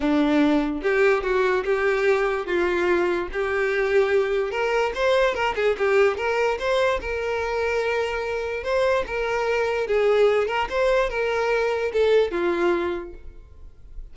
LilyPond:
\new Staff \with { instrumentName = "violin" } { \time 4/4 \tempo 4 = 146 d'2 g'4 fis'4 | g'2 f'2 | g'2. ais'4 | c''4 ais'8 gis'8 g'4 ais'4 |
c''4 ais'2.~ | ais'4 c''4 ais'2 | gis'4. ais'8 c''4 ais'4~ | ais'4 a'4 f'2 | }